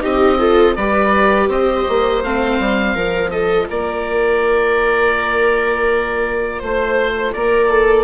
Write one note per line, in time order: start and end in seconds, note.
0.00 0.77 C4
0.00 0.37 D#4
0.00 0.38 G4
0.00 0.75 D#5
0.39 0.75 F4
0.39 0.75 A4
0.75 1.47 G3
0.75 2.23 G4
0.75 1.49 B4
0.75 1.48 D5
1.47 1.84 C4
1.47 2.94 C5
1.47 2.23 D#5
1.88 2.23 A#3
2.23 2.59 A3
2.23 2.96 C4
2.23 3.30 F5
2.59 2.95 G3
2.94 3.68 F3
2.94 8.04 F4
2.94 3.31 A#4
3.30 3.68 A4
3.30 3.67 D#5
3.69 6.62 A#3
3.69 6.59 A#4
3.69 6.62 D5
6.59 7.34 A3
6.59 7.32 C5
7.32 8.04 A#3
7.32 7.70 A#4
7.32 8.04 D5
7.70 8.04 A4